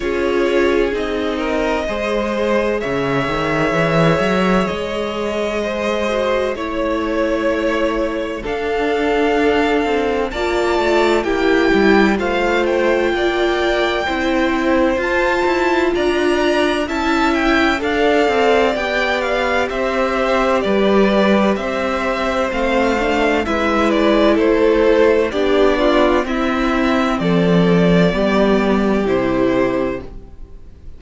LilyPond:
<<
  \new Staff \with { instrumentName = "violin" } { \time 4/4 \tempo 4 = 64 cis''4 dis''2 e''4~ | e''4 dis''2 cis''4~ | cis''4 f''2 a''4 | g''4 f''8 g''2~ g''8 |
a''4 ais''4 a''8 g''8 f''4 | g''8 f''8 e''4 d''4 e''4 | f''4 e''8 d''8 c''4 d''4 | e''4 d''2 c''4 | }
  \new Staff \with { instrumentName = "violin" } { \time 4/4 gis'4. ais'8 c''4 cis''4~ | cis''2 c''4 cis''4~ | cis''4 a'2 d''4 | g'4 c''4 d''4 c''4~ |
c''4 d''4 e''4 d''4~ | d''4 c''4 b'4 c''4~ | c''4 b'4 a'4 g'8 f'8 | e'4 a'4 g'2 | }
  \new Staff \with { instrumentName = "viola" } { \time 4/4 f'4 dis'4 gis'2~ | gis'2~ gis'8 fis'8 e'4~ | e'4 d'2 f'4 | e'4 f'2 e'4 |
f'2 e'4 a'4 | g'1 | c'8 d'8 e'2 d'4 | c'2 b4 e'4 | }
  \new Staff \with { instrumentName = "cello" } { \time 4/4 cis'4 c'4 gis4 cis8 dis8 | e8 fis8 gis2 a4~ | a4 d'4. c'8 ais8 a8 | ais8 g8 a4 ais4 c'4 |
f'8 e'8 d'4 cis'4 d'8 c'8 | b4 c'4 g4 c'4 | a4 gis4 a4 b4 | c'4 f4 g4 c4 | }
>>